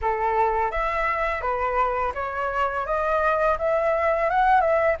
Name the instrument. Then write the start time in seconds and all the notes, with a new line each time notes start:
flute
0.01 A4
0.71 E5
1.41 B4
2.14 C#5
2.86 D#5
3.58 E5
4.30 F#5
4.60 E5